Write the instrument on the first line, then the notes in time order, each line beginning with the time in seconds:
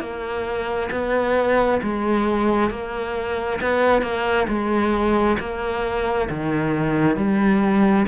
cello
0.00 A#3
0.91 B3
1.82 G#3
2.70 A#3
3.61 B3
4.02 A#3
4.48 G#3
5.39 A#3
6.30 D#3
7.16 G3